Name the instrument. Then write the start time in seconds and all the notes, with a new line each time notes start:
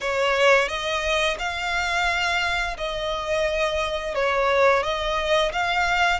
violin
0.00 C#5
0.68 D#5
1.39 F5
2.77 D#5
4.14 C#5
4.83 D#5
5.52 F5